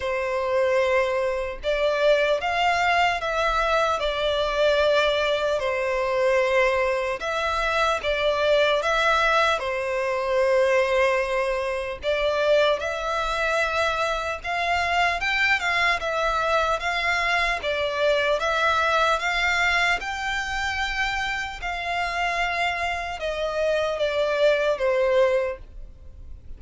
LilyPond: \new Staff \with { instrumentName = "violin" } { \time 4/4 \tempo 4 = 75 c''2 d''4 f''4 | e''4 d''2 c''4~ | c''4 e''4 d''4 e''4 | c''2. d''4 |
e''2 f''4 g''8 f''8 | e''4 f''4 d''4 e''4 | f''4 g''2 f''4~ | f''4 dis''4 d''4 c''4 | }